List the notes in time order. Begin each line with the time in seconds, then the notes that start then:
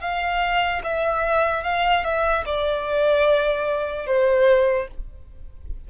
0.00 F5
0.83 E5
1.63 F5
2.03 E5
2.45 D5
4.06 C5